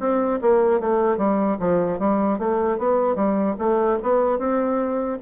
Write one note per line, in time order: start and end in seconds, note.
0.00 0.40 C4
0.42 0.80 A#3
0.80 1.18 A3
1.18 1.58 G3
1.60 1.99 F3
1.99 2.39 G3
2.39 2.79 A3
2.79 3.16 B3
3.16 3.56 G3
3.59 3.99 A3
4.03 4.39 B3
4.39 5.19 C4